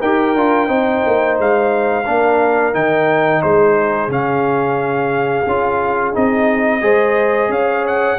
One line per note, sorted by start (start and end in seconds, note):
0.00 0.35 D#4
0.00 0.36 G4
0.00 0.67 A#4
0.00 1.37 G5
0.35 0.68 D4
0.35 0.67 F4
0.67 1.02 C4
0.67 2.04 D#4
0.67 2.04 C5
1.06 1.38 A#3
1.38 2.07 G#3
1.38 2.74 F5
2.05 2.74 A#3
2.05 2.73 D4
2.05 3.42 A#4
2.73 3.42 D#3
2.73 4.09 D#4
2.73 3.42 G5
3.42 4.08 G#3
3.42 6.82 G#4
3.42 4.10 C5
4.08 5.44 C#3
4.08 5.45 C#4
4.08 6.15 F5
5.46 6.14 C#4
5.46 6.13 F4
6.13 6.81 C4
6.13 6.81 D#4
6.13 7.51 D#5
6.81 7.48 G#3
6.81 8.17 G#4
6.81 7.50 C5
7.48 8.17 C#4
7.48 8.19 C#5
7.48 7.86 F5
7.86 8.19 F#5